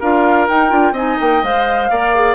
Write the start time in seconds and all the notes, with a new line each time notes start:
0.00 D4 F4 A#4 F5
0.48 D#4 G5
0.69 D4 F4
0.92 C4 D#4 D#5 G#5
1.20 A#3 G5
1.43 G#3 C5 F5
1.90 A#3 A#4 D5
2.15 G#4